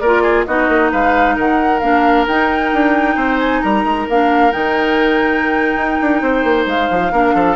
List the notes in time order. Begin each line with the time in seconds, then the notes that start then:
0.00 A#3 F4 A#4 D5
0.23 G#4
0.46 B3 D#4 F#4 D#5
0.69 A#3
0.92 G#3 B4 F5
1.36 D#3 A#4 F#5
1.80 A#3 D4 F5
2.28 D#4 G5
2.73 D4
3.16 C4 C5
3.40 G#5
3.62 G3 A#4 A#5
3.85 G#3
4.10 A#3 D4 F5
4.52 D#3 D#4 G5
5.76 D#4
6.02 D4
6.22 C4 C5
6.44 A#3
6.66 G#3 F5
6.91 F3
7.12 A#3 D4 A#4
7.35 F3 A4